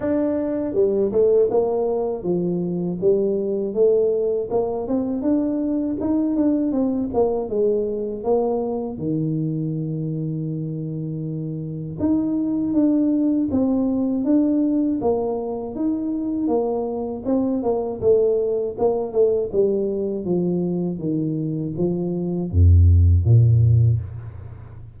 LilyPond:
\new Staff \with { instrumentName = "tuba" } { \time 4/4 \tempo 4 = 80 d'4 g8 a8 ais4 f4 | g4 a4 ais8 c'8 d'4 | dis'8 d'8 c'8 ais8 gis4 ais4 | dis1 |
dis'4 d'4 c'4 d'4 | ais4 dis'4 ais4 c'8 ais8 | a4 ais8 a8 g4 f4 | dis4 f4 f,4 ais,4 | }